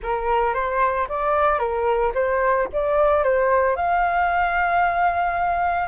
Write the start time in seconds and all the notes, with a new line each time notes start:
0.02 A#4
0.54 C5
1.08 D5
1.59 A#4
2.14 C5
2.72 D5
3.23 C5
3.76 F5